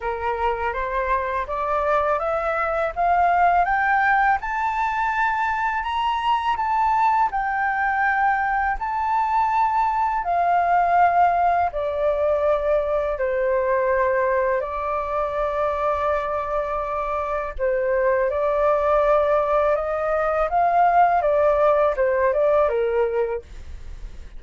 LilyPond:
\new Staff \with { instrumentName = "flute" } { \time 4/4 \tempo 4 = 82 ais'4 c''4 d''4 e''4 | f''4 g''4 a''2 | ais''4 a''4 g''2 | a''2 f''2 |
d''2 c''2 | d''1 | c''4 d''2 dis''4 | f''4 d''4 c''8 d''8 ais'4 | }